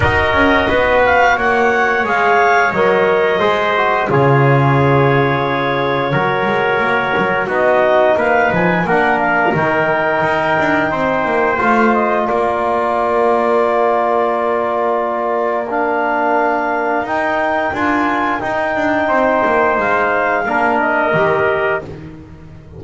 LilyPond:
<<
  \new Staff \with { instrumentName = "clarinet" } { \time 4/4 \tempo 4 = 88 dis''4. f''8 fis''4 f''4 | dis''2 cis''2~ | cis''2. dis''4 | f''8 gis''8 fis''8 f''8 g''2~ |
g''4 f''8 dis''8 d''2~ | d''2. f''4~ | f''4 g''4 gis''4 g''4~ | g''4 f''4. dis''4. | }
  \new Staff \with { instrumentName = "trumpet" } { \time 4/4 ais'4 b'4 cis''2~ | cis''4 c''4 gis'2~ | gis'4 ais'2 fis'4 | b'4 ais'2. |
c''2 ais'2~ | ais'1~ | ais'1 | c''2 ais'2 | }
  \new Staff \with { instrumentName = "trombone" } { \time 4/4 fis'2. gis'4 | ais'4 gis'8 fis'8 f'2~ | f'4 fis'2 dis'4~ | dis'4 d'4 dis'2~ |
dis'4 f'2.~ | f'2. d'4~ | d'4 dis'4 f'4 dis'4~ | dis'2 d'4 g'4 | }
  \new Staff \with { instrumentName = "double bass" } { \time 4/4 dis'8 cis'8 b4 ais4 gis4 | fis4 gis4 cis2~ | cis4 fis8 gis8 ais8 fis8 b4 | ais8 f8 ais4 dis4 dis'8 d'8 |
c'8 ais8 a4 ais2~ | ais1~ | ais4 dis'4 d'4 dis'8 d'8 | c'8 ais8 gis4 ais4 dis4 | }
>>